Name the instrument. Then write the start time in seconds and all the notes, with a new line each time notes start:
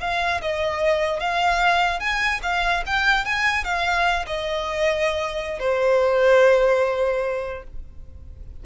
violin
0.00 F5
0.41 D#5
1.20 F5
2.00 G#5
2.42 F5
2.86 G5
3.25 G#5
3.64 F5
4.27 D#5
5.59 C5